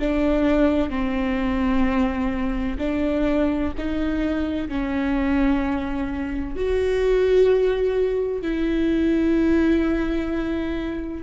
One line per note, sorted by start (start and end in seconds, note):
0.00 0.90 D4
0.90 2.78 C4
2.79 3.72 D4
3.78 4.69 D#4
4.69 6.56 C#4
6.56 8.42 F#4
8.42 11.24 E4